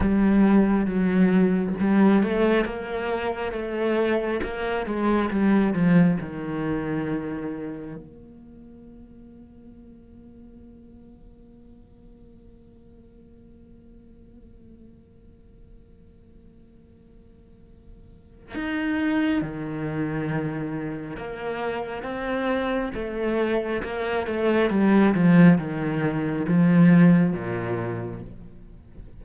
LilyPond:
\new Staff \with { instrumentName = "cello" } { \time 4/4 \tempo 4 = 68 g4 fis4 g8 a8 ais4 | a4 ais8 gis8 g8 f8 dis4~ | dis4 ais2.~ | ais1~ |
ais1~ | ais4 dis'4 dis2 | ais4 c'4 a4 ais8 a8 | g8 f8 dis4 f4 ais,4 | }